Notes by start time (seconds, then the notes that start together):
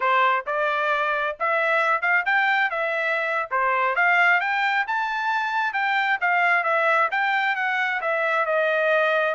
0.00 C5
0.46 D5
1.39 E5
2.01 F5
2.25 G5
2.70 E5
3.50 C5
3.95 F5
4.40 G5
4.87 A5
5.73 G5
6.20 F5
6.63 E5
7.11 G5
7.55 F#5
8.01 E5
8.45 D#5